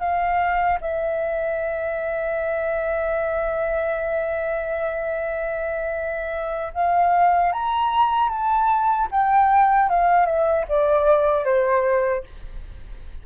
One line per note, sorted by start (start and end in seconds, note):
0.00 0.79 F5
0.81 6.73 E5
6.74 7.53 F5
7.53 8.29 A#5
8.29 9.08 A5
9.11 9.89 G5
9.89 10.26 F5
10.26 10.65 E5
10.69 11.45 D5
11.45 12.24 C5